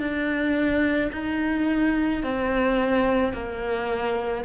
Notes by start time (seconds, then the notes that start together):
0.00 D4
1.13 D#4
2.24 C4
3.34 A#3